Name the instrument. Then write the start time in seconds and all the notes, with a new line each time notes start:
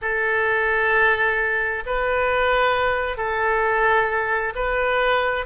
oboe
0.01 A4
1.86 B4
3.17 A4
4.55 B4